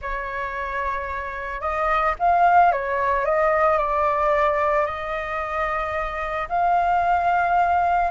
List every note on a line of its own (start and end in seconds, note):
0.01 1.60 C#5
1.60 2.14 D#5
2.19 2.72 F5
2.72 3.25 C#5
3.25 3.78 D#5
3.78 4.86 D5
4.86 6.48 D#5
6.48 8.11 F5